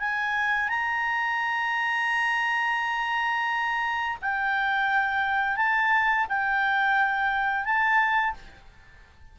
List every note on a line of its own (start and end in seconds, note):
0.00 0.69 G#5
0.69 4.18 A#5
4.22 5.57 G5
5.57 6.27 A5
6.29 7.65 G5
7.65 8.35 A5